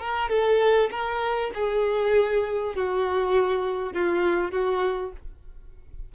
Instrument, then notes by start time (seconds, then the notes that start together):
violin
0.00 A#4
0.30 A4
0.91 A#4
1.55 G#4
2.76 F#4
3.93 F4
4.52 F#4